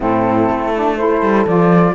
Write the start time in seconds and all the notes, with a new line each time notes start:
0.00 A2 C4 E4 A4
0.49 A3
0.74 D4
0.97 E4 A4 C5
1.21 G3
1.46 F3 F4 D5